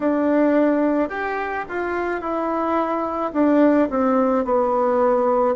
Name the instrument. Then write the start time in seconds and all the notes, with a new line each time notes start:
bassoon
0.00 D4
1.09 G4
1.69 F4
2.20 E4
3.33 D4
3.89 C4
4.44 B3